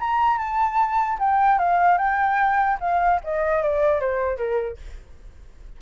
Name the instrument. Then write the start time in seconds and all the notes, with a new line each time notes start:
flute
0.00 A#5
0.38 A5
1.19 G5
1.59 F5
1.98 G5
2.80 F5
3.24 D#5
3.63 D5
4.00 C5
4.37 A#4